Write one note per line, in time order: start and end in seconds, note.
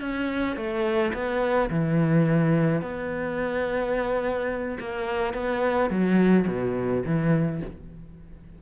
0.00 0.56 C#4
0.56 1.12 A3
1.13 1.69 B3
1.70 2.81 E3
2.81 4.78 B3
4.79 5.33 A#3
5.33 5.90 B3
5.90 6.46 F#3
6.47 7.03 B2
7.05 7.61 E3